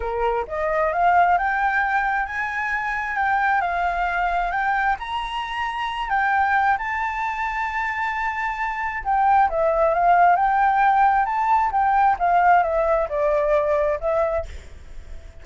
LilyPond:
\new Staff \with { instrumentName = "flute" } { \time 4/4 \tempo 4 = 133 ais'4 dis''4 f''4 g''4~ | g''4 gis''2 g''4 | f''2 g''4 ais''4~ | ais''4. g''4. a''4~ |
a''1 | g''4 e''4 f''4 g''4~ | g''4 a''4 g''4 f''4 | e''4 d''2 e''4 | }